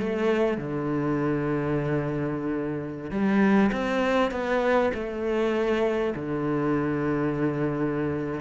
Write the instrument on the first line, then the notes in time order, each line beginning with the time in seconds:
cello
0.00 A3
0.58 D3
3.11 G3
3.72 C4
4.31 B3
4.94 A3
6.16 D3